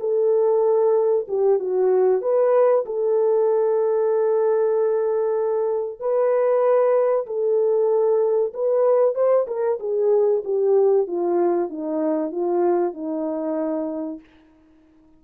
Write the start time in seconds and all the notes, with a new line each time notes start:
0.00 A4
1.28 G4
1.59 F#4
2.21 B4
2.86 A4
6.00 B4
7.26 A4
8.53 B4
9.15 C5
9.47 A#4
9.80 G#4
10.44 G4
11.07 F4
11.70 D#4
12.32 F4
12.93 D#4